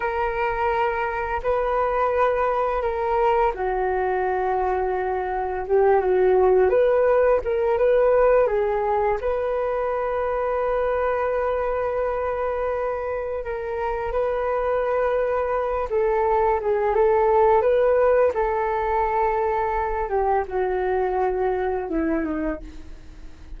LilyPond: \new Staff \with { instrumentName = "flute" } { \time 4/4 \tempo 4 = 85 ais'2 b'2 | ais'4 fis'2. | g'8 fis'4 b'4 ais'8 b'4 | gis'4 b'2.~ |
b'2. ais'4 | b'2~ b'8 a'4 gis'8 | a'4 b'4 a'2~ | a'8 g'8 fis'2 e'8 dis'8 | }